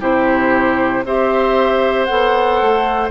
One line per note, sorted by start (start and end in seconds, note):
0.00 1.04 C3
0.00 1.03 E4
0.00 1.03 G4
0.00 1.05 C5
1.04 2.07 C4
1.04 2.08 G4
1.04 3.10 C5
1.04 2.04 E5
2.04 2.61 B3
2.04 3.10 A4
2.04 3.08 F#5
2.61 3.10 A3